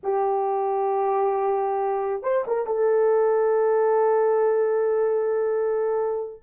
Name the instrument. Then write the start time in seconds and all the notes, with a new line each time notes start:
horn
0.03 G4
2.22 C5
2.47 A#4
2.66 A4